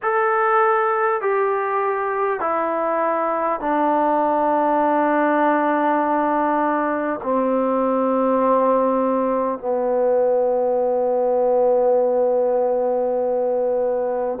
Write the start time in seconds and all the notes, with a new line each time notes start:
0.02 A4
1.21 G4
2.39 E4
3.60 D4
7.22 C4
9.58 B3